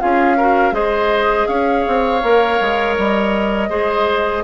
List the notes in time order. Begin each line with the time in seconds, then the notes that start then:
0.00 C#4 F4 G#4 F5
0.37 F#4 A#4
0.72 G#3 G#4 C5 D#5
1.47 C#4 C#5 F5
1.87 C4
2.23 A#3 A#4
2.61 G#3
2.98 G3 D#5
3.69 G#3 G#4 C5